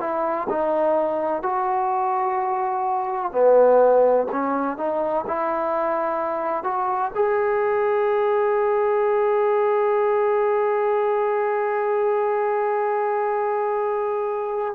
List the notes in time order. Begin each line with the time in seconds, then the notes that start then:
0.00 E4
0.49 D#4
1.42 F#4
3.32 B3
4.32 C#4
4.77 D#4
5.27 E4
6.64 F#4
7.15 G#4